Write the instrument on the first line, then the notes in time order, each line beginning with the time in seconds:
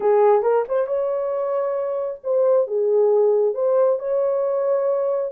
horn
0.00 G#4
0.42 A#4
0.68 C5
0.86 C#5
2.23 C5
2.67 G#4
3.54 C5
3.99 C#5